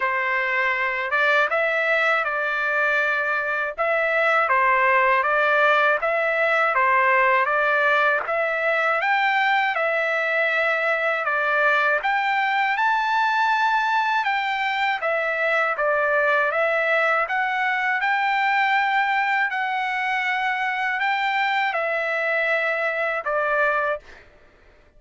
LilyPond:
\new Staff \with { instrumentName = "trumpet" } { \time 4/4 \tempo 4 = 80 c''4. d''8 e''4 d''4~ | d''4 e''4 c''4 d''4 | e''4 c''4 d''4 e''4 | g''4 e''2 d''4 |
g''4 a''2 g''4 | e''4 d''4 e''4 fis''4 | g''2 fis''2 | g''4 e''2 d''4 | }